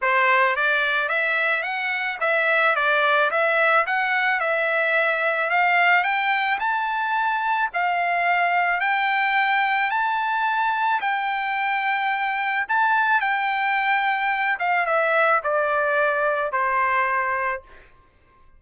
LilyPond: \new Staff \with { instrumentName = "trumpet" } { \time 4/4 \tempo 4 = 109 c''4 d''4 e''4 fis''4 | e''4 d''4 e''4 fis''4 | e''2 f''4 g''4 | a''2 f''2 |
g''2 a''2 | g''2. a''4 | g''2~ g''8 f''8 e''4 | d''2 c''2 | }